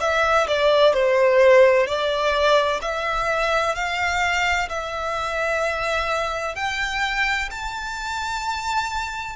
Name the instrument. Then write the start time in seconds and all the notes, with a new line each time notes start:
violin
0.00 E5
0.47 D5
0.93 C5
1.87 D5
2.81 E5
3.75 F5
4.69 E5
6.55 G5
7.50 A5